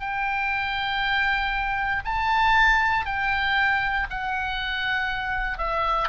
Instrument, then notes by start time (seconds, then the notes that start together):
oboe
0.00 G5
2.05 A5
3.06 G5
4.10 F#5
5.58 E5